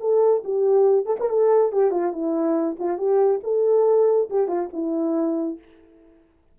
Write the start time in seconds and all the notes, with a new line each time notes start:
0.00 A4
0.44 G4
1.06 A4
1.20 A#4
1.29 A4
1.72 G4
1.91 F4
2.12 E4
2.79 F4
2.97 G4
3.43 A4
4.29 G4
4.48 F4
4.73 E4